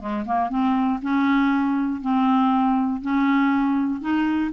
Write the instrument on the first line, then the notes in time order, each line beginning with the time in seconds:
clarinet
0.00 G#3
0.26 A#3
0.50 C4
1.02 C#4
2.02 C4
3.02 C#4
4.01 D#4